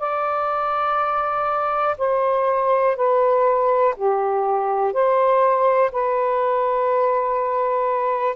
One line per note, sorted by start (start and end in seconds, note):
0.00 1.97 D5
1.98 2.96 C5
2.96 3.95 B4
3.97 4.93 G4
4.93 5.92 C5
5.92 8.36 B4